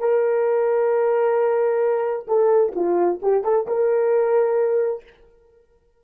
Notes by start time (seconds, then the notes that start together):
0.00 A#4
2.28 A4
2.76 F4
3.23 G4
3.45 A4
3.68 A#4